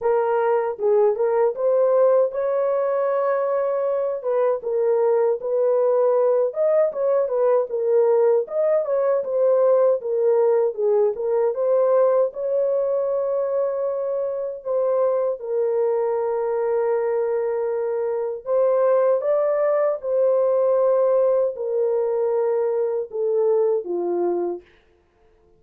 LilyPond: \new Staff \with { instrumentName = "horn" } { \time 4/4 \tempo 4 = 78 ais'4 gis'8 ais'8 c''4 cis''4~ | cis''4. b'8 ais'4 b'4~ | b'8 dis''8 cis''8 b'8 ais'4 dis''8 cis''8 | c''4 ais'4 gis'8 ais'8 c''4 |
cis''2. c''4 | ais'1 | c''4 d''4 c''2 | ais'2 a'4 f'4 | }